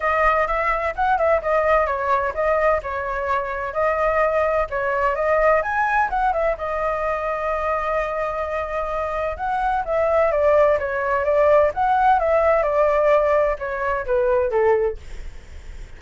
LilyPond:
\new Staff \with { instrumentName = "flute" } { \time 4/4 \tempo 4 = 128 dis''4 e''4 fis''8 e''8 dis''4 | cis''4 dis''4 cis''2 | dis''2 cis''4 dis''4 | gis''4 fis''8 e''8 dis''2~ |
dis''1 | fis''4 e''4 d''4 cis''4 | d''4 fis''4 e''4 d''4~ | d''4 cis''4 b'4 a'4 | }